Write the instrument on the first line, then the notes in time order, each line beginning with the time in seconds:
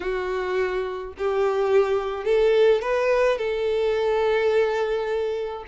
violin
0.00 F#4
1.18 G4
2.25 A4
2.81 B4
3.38 A4